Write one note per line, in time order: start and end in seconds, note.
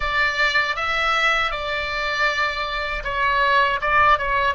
0.00 0.76 D5
0.76 1.51 E5
1.51 3.03 D5
3.04 3.80 C#5
3.81 4.18 D5
4.18 4.54 C#5